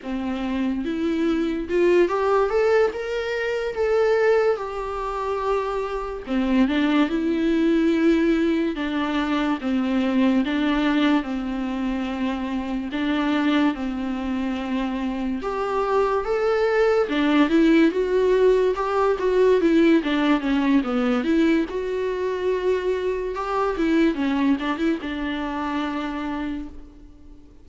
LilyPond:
\new Staff \with { instrumentName = "viola" } { \time 4/4 \tempo 4 = 72 c'4 e'4 f'8 g'8 a'8 ais'8~ | ais'8 a'4 g'2 c'8 | d'8 e'2 d'4 c'8~ | c'8 d'4 c'2 d'8~ |
d'8 c'2 g'4 a'8~ | a'8 d'8 e'8 fis'4 g'8 fis'8 e'8 | d'8 cis'8 b8 e'8 fis'2 | g'8 e'8 cis'8 d'16 e'16 d'2 | }